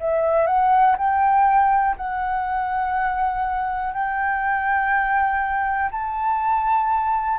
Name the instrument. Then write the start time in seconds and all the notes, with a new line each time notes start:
flute
0.00 E5
0.46 F#5
0.98 G5
1.97 F#5
3.93 G5
5.92 A5